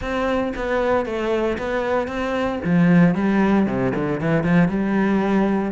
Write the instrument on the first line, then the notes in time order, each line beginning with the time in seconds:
cello
0.01 C4
0.56 B3
1.05 A3
1.58 B3
2.07 C4
2.64 F3
3.14 G3
3.66 C3
3.94 D3
4.20 E3
4.43 F3
4.68 G3